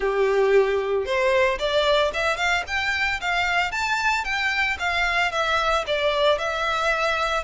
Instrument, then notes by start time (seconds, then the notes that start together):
violin
0.00 G4
1.05 C5
1.58 D5
2.13 E5
2.37 F5
2.67 G5
3.20 F5
3.71 A5
4.24 G5
4.79 F5
5.31 E5
5.86 D5
6.38 E5